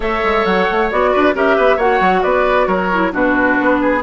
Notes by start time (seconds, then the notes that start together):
0.00 A3 A4 C#5 E5
0.24 G#3
0.45 F#3 F#5
0.71 A3
0.90 B3 F#4 D5
1.12 D4 B4
1.34 C#4 G4 A#4 E5
1.56 B3 B4
1.76 A#3 F#4 C#5 F#5
2.00 F#3
2.23 B3 B4 D5
2.67 F#3 A#4 C#5
2.92 E4
3.12 B2 D4 F#4 B4
3.60 B3
3.81 G#4